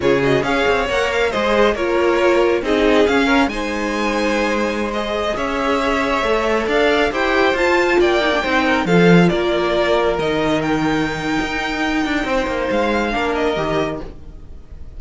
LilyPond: <<
  \new Staff \with { instrumentName = "violin" } { \time 4/4 \tempo 4 = 137 cis''8 dis''8 f''4 fis''8 f''8 dis''4 | cis''2 dis''4 f''4 | gis''2.~ gis''16 dis''8.~ | dis''16 e''2. f''8.~ |
f''16 g''4 a''4 g''4.~ g''16~ | g''16 f''4 d''2 dis''8.~ | dis''16 g''2.~ g''8.~ | g''4 f''4. dis''4. | }
  \new Staff \with { instrumentName = "violin" } { \time 4/4 gis'4 cis''2 c''4 | ais'2 gis'4. ais'8 | c''1~ | c''16 cis''2. d''8.~ |
d''16 c''2 d''4 c''8 ais'16~ | ais'16 a'4 ais'2~ ais'8.~ | ais'1 | c''2 ais'2 | }
  \new Staff \with { instrumentName = "viola" } { \time 4/4 f'8 fis'8 gis'4 ais'4 gis'4 | f'2 dis'4 cis'4 | dis'2.~ dis'16 gis'8.~ | gis'2~ gis'16 a'4.~ a'16~ |
a'16 g'4 f'4. dis'16 d'16 dis'8.~ | dis'16 f'2. dis'8.~ | dis'1~ | dis'2 d'4 g'4 | }
  \new Staff \with { instrumentName = "cello" } { \time 4/4 cis4 cis'8 c'8 ais4 gis4 | ais2 c'4 cis'4 | gis1~ | gis16 cis'2 a4 d'8.~ |
d'16 e'4 f'4 ais4 c'8.~ | c'16 f4 ais2 dis8.~ | dis2 dis'4. d'8 | c'8 ais8 gis4 ais4 dis4 | }
>>